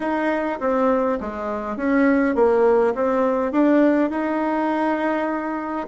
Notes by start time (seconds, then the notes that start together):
0.00 D#4
0.59 C4
1.20 G#3
1.76 C#4
2.35 A#3
2.94 C4
3.52 D4
4.10 D#4